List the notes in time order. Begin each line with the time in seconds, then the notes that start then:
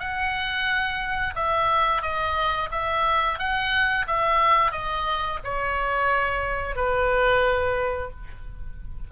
0.00 F#5
1.35 E5
2.02 D#5
2.72 E5
3.39 F#5
4.08 E5
4.72 D#5
5.44 C#5
6.76 B4